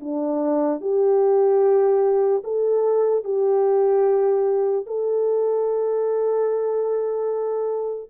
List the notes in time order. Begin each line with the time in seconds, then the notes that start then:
0.00 D4
0.81 G4
2.44 A4
3.24 G4
4.86 A4